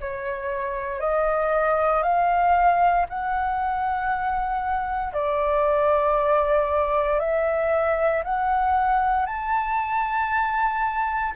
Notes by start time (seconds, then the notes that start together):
0.00 C#5
1.00 D#5
2.02 F5
3.09 F#5
5.13 D5
7.19 E5
8.24 F#5
9.25 A5